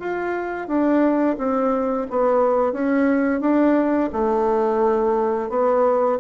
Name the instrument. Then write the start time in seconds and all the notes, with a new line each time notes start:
bassoon
0.00 F4
0.68 D4
1.38 C4
2.11 B3
2.73 C#4
3.41 D4
4.13 A3
5.50 B3